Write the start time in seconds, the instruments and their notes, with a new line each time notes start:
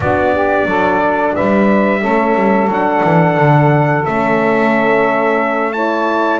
0.00 double bass B3, horn D4, saxophone F#4, trumpet D5
0.33 saxophone G4
0.65 double bass F#3, saxophone A4
1.35 double bass G3, saxophone B4, trumpet E5
2.01 double bass A3, horn C#4, saxophone A4
2.35 double bass G3
2.67 double bass F#3, horn D4, trumpet F#5
3.04 double bass E3
3.37 double bass D3
4.05 double bass A3, horn C#4, trumpet E5
5.72 horn E4, saxophone C#5, trumpet A5